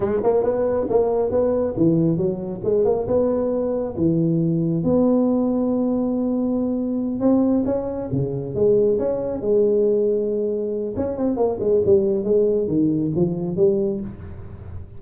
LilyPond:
\new Staff \with { instrumentName = "tuba" } { \time 4/4 \tempo 4 = 137 gis8 ais8 b4 ais4 b4 | e4 fis4 gis8 ais8 b4~ | b4 e2 b4~ | b1~ |
b8 c'4 cis'4 cis4 gis8~ | gis8 cis'4 gis2~ gis8~ | gis4 cis'8 c'8 ais8 gis8 g4 | gis4 dis4 f4 g4 | }